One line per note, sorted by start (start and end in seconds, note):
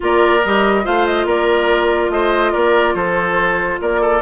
0.00 0.44 A#3
0.00 0.39 F4
0.00 0.84 A#4
0.00 0.44 D5
0.44 0.86 G3
0.44 0.83 G4
0.44 0.85 D#5
0.83 1.25 A3
0.83 4.21 F4
0.83 1.26 C5
0.83 1.06 F5
1.06 1.27 D#5
1.25 2.09 A#3
1.25 2.11 A#4
1.25 2.10 D5
2.09 2.51 A3
2.09 2.52 C5
2.09 2.52 D#5
2.52 2.94 A#3
2.52 2.94 A#4
2.52 2.94 D5
2.94 3.79 F3
2.94 3.80 A4
2.94 3.78 C5
3.81 4.22 A#3
3.81 4.00 A#4
3.81 4.22 D5
4.00 4.22 A4